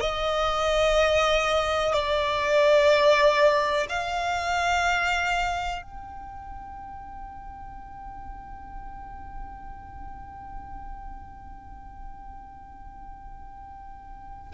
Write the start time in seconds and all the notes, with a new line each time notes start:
0.00 D#5
1.93 D5
3.89 F5
5.82 G5